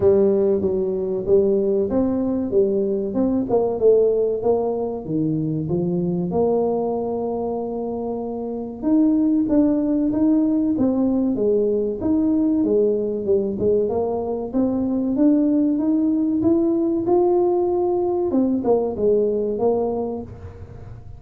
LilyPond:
\new Staff \with { instrumentName = "tuba" } { \time 4/4 \tempo 4 = 95 g4 fis4 g4 c'4 | g4 c'8 ais8 a4 ais4 | dis4 f4 ais2~ | ais2 dis'4 d'4 |
dis'4 c'4 gis4 dis'4 | gis4 g8 gis8 ais4 c'4 | d'4 dis'4 e'4 f'4~ | f'4 c'8 ais8 gis4 ais4 | }